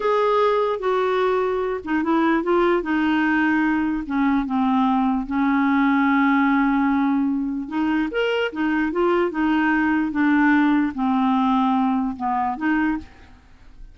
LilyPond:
\new Staff \with { instrumentName = "clarinet" } { \time 4/4 \tempo 4 = 148 gis'2 fis'2~ | fis'8 dis'8 e'4 f'4 dis'4~ | dis'2 cis'4 c'4~ | c'4 cis'2.~ |
cis'2. dis'4 | ais'4 dis'4 f'4 dis'4~ | dis'4 d'2 c'4~ | c'2 b4 dis'4 | }